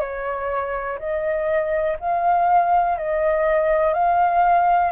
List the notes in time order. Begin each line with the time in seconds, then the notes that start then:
0.00 C#5
0.99 D#5
1.99 F5
2.97 D#5
3.94 F5